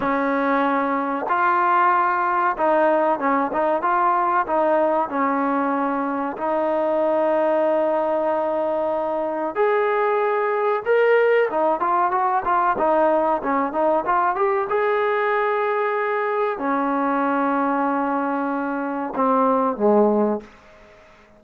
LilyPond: \new Staff \with { instrumentName = "trombone" } { \time 4/4 \tempo 4 = 94 cis'2 f'2 | dis'4 cis'8 dis'8 f'4 dis'4 | cis'2 dis'2~ | dis'2. gis'4~ |
gis'4 ais'4 dis'8 f'8 fis'8 f'8 | dis'4 cis'8 dis'8 f'8 g'8 gis'4~ | gis'2 cis'2~ | cis'2 c'4 gis4 | }